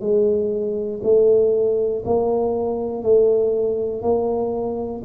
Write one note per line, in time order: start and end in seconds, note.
0.00 1.00 G#3
1.03 2.03 A3
2.05 3.02 A#3
3.02 4.02 A3
4.02 5.02 A#3